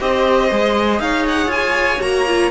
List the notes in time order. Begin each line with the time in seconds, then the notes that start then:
0.00 C4 G4 C5 D#5
0.51 G#3 G#4
1.00 D#4 C#5 F5
1.28 F#5
1.47 F4 G#5
2.00 A#3 F#4 A#5
2.27 F4